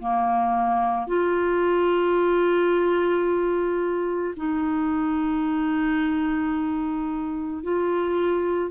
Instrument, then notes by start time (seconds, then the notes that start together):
clarinet
0.00 A#3
1.07 F4
4.36 D#4
7.63 F4